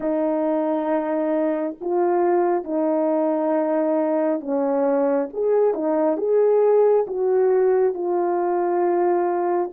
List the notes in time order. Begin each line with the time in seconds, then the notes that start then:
0.00 D#4
1.80 F4
2.64 D#4
4.40 C#4
5.33 G#4
5.74 D#4
6.17 G#4
7.07 F#4
7.94 F4